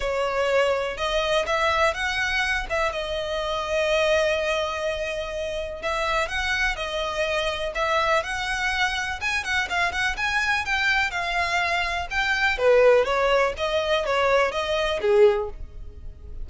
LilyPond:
\new Staff \with { instrumentName = "violin" } { \time 4/4 \tempo 4 = 124 cis''2 dis''4 e''4 | fis''4. e''8 dis''2~ | dis''1 | e''4 fis''4 dis''2 |
e''4 fis''2 gis''8 fis''8 | f''8 fis''8 gis''4 g''4 f''4~ | f''4 g''4 b'4 cis''4 | dis''4 cis''4 dis''4 gis'4 | }